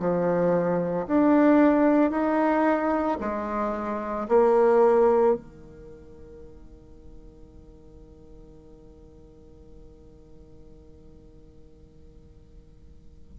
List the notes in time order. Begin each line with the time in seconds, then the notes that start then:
0.00 F3
1.07 D4
2.11 D#4
3.21 G#3
4.29 A#3
5.35 D#3